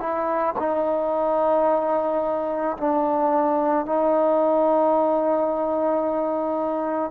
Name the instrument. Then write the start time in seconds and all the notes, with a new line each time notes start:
trombone
0.00 E4
0.59 D#4
2.78 D4
3.86 D#4